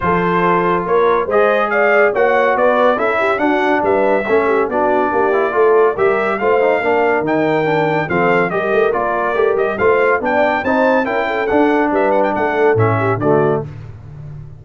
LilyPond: <<
  \new Staff \with { instrumentName = "trumpet" } { \time 4/4 \tempo 4 = 141 c''2 cis''4 dis''4 | f''4 fis''4 d''4 e''4 | fis''4 e''2 d''4~ | d''2 e''4 f''4~ |
f''4 g''2 f''4 | dis''4 d''4. dis''8 f''4 | g''4 a''4 g''4 fis''4 | e''8 fis''16 g''16 fis''4 e''4 d''4 | }
  \new Staff \with { instrumentName = "horn" } { \time 4/4 a'2 ais'4 c''4 | d''4 cis''4 b'4 a'8 g'8 | fis'4 b'4 a'8 g'8 fis'4 | g'4 a'4 ais'4 c''4 |
ais'2. a'4 | ais'2. c''4 | d''4 c''4 ais'8 a'4. | b'4 a'4. g'8 fis'4 | }
  \new Staff \with { instrumentName = "trombone" } { \time 4/4 f'2. gis'4~ | gis'4 fis'2 e'4 | d'2 cis'4 d'4~ | d'8 e'8 f'4 g'4 f'8 dis'8 |
d'4 dis'4 d'4 c'4 | g'4 f'4 g'4 f'4 | d'4 dis'4 e'4 d'4~ | d'2 cis'4 a4 | }
  \new Staff \with { instrumentName = "tuba" } { \time 4/4 f2 ais4 gis4~ | gis4 ais4 b4 cis'4 | d'4 g4 a4 b4 | ais4 a4 g4 a4 |
ais4 dis2 f4 | g8 a8 ais4 a8 g8 a4 | b4 c'4 cis'4 d'4 | g4 a4 a,4 d4 | }
>>